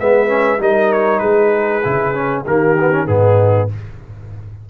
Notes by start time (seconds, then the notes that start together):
0.00 G#3 B3 B4 E5
0.28 C#4
0.59 G3 D#4 A#4 D#5
0.93 C#5
1.19 G#3 G#4 B4
1.84 C#3 E4
2.14 C#4
2.46 D#3 A#3 G4 A#4
2.80 B3
2.92 C#4
3.07 G#2 B3 D#4 G#4